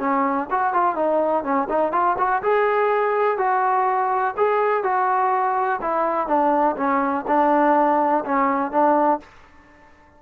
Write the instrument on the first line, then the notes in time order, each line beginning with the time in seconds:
trombone
0.00 C#4
0.51 F#4
0.74 F4
0.96 D#4
1.44 C#4
1.70 D#4
1.93 F4
2.19 F#4
2.43 G#4
3.38 F#4
4.37 G#4
4.84 F#4
5.82 E4
6.28 D4
6.77 C#4
7.28 D4
8.25 C#4
8.72 D4